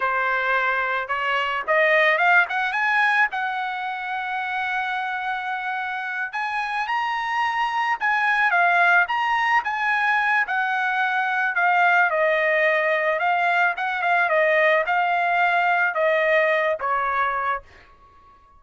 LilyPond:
\new Staff \with { instrumentName = "trumpet" } { \time 4/4 \tempo 4 = 109 c''2 cis''4 dis''4 | f''8 fis''8 gis''4 fis''2~ | fis''2.~ fis''8 gis''8~ | gis''8 ais''2 gis''4 f''8~ |
f''8 ais''4 gis''4. fis''4~ | fis''4 f''4 dis''2 | f''4 fis''8 f''8 dis''4 f''4~ | f''4 dis''4. cis''4. | }